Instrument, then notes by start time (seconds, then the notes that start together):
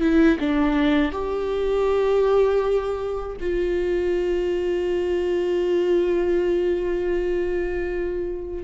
viola
0.00 E4
0.39 D4
1.11 G4
3.40 F4